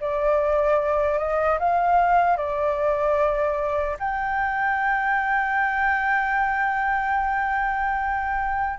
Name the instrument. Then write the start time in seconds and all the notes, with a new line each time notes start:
flute
0.00 D5
1.18 D#5
1.59 F5
2.37 D5
3.99 G5